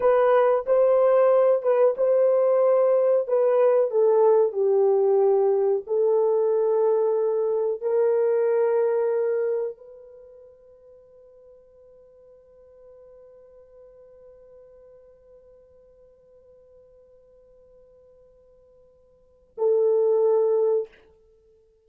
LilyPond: \new Staff \with { instrumentName = "horn" } { \time 4/4 \tempo 4 = 92 b'4 c''4. b'8 c''4~ | c''4 b'4 a'4 g'4~ | g'4 a'2. | ais'2. b'4~ |
b'1~ | b'1~ | b'1~ | b'2 a'2 | }